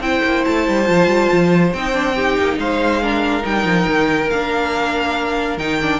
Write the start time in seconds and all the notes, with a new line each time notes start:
0.00 C4 E4 C5 G5
0.24 A#3
0.44 A3 A5
0.69 G3
0.85 F3 F4
1.07 G3
1.33 F3
1.73 C4 D#4 G5
1.93 D4
2.15 D#4 G4
2.39 A#3
2.58 G#3 C5 F5
3.02 D4 A#4
3.42 G3 D#4 G5
3.65 F3
3.87 D#3
4.30 A#3 D4 F5
5.57 D#3 D#4 G5
5.82 D4